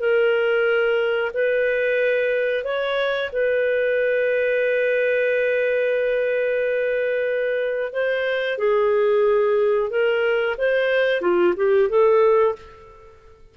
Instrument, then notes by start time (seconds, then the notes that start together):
clarinet
0.00 A#4
1.34 B4
2.64 C#5
3.33 B4
7.93 C5
8.58 G#4
9.90 A#4
10.58 C5
11.21 F4
11.57 G4
11.90 A4